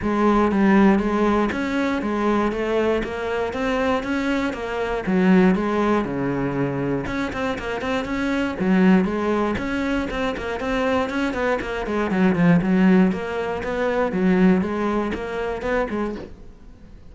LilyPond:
\new Staff \with { instrumentName = "cello" } { \time 4/4 \tempo 4 = 119 gis4 g4 gis4 cis'4 | gis4 a4 ais4 c'4 | cis'4 ais4 fis4 gis4 | cis2 cis'8 c'8 ais8 c'8 |
cis'4 fis4 gis4 cis'4 | c'8 ais8 c'4 cis'8 b8 ais8 gis8 | fis8 f8 fis4 ais4 b4 | fis4 gis4 ais4 b8 gis8 | }